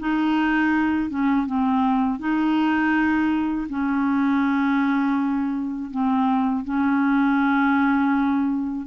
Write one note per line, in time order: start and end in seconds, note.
0.00 1.10 D#4
1.10 1.46 C#4
1.46 2.20 C4
2.20 3.68 D#4
3.69 5.91 C#4
5.91 6.65 C4
6.65 8.87 C#4